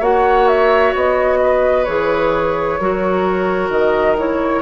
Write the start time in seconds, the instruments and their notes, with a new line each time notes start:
0.00 bassoon A#3, clarinet F#4, oboe C#5, flute F#5
0.48 flute E5
0.95 bassoon B3, flute D#5
1.44 oboe B4
1.85 bassoon E3, clarinet G#4, flute C#5
2.80 bassoon F#3, clarinet F#4, oboe A#4
3.70 bassoon D#3, flute D#5
4.18 clarinet E4, flute C#5